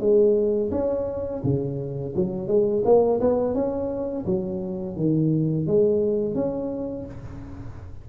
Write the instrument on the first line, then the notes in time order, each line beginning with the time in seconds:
tuba
0.00 G#3
0.72 C#4
1.44 C#3
2.16 F#3
2.48 G#3
2.85 A#3
3.21 B3
3.55 C#4
4.26 F#3
4.97 D#3
5.67 G#3
6.35 C#4